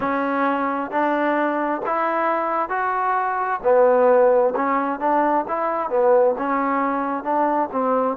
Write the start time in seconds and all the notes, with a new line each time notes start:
0.00 C#4
0.90 D4
1.86 E4
2.69 F#4
3.63 B3
4.55 C#4
4.99 D4
5.48 E4
5.89 B3
6.38 C#4
7.23 D4
7.71 C4